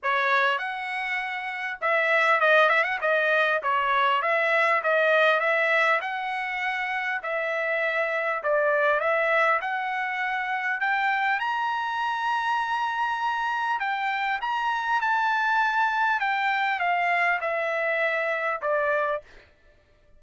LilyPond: \new Staff \with { instrumentName = "trumpet" } { \time 4/4 \tempo 4 = 100 cis''4 fis''2 e''4 | dis''8 e''16 fis''16 dis''4 cis''4 e''4 | dis''4 e''4 fis''2 | e''2 d''4 e''4 |
fis''2 g''4 ais''4~ | ais''2. g''4 | ais''4 a''2 g''4 | f''4 e''2 d''4 | }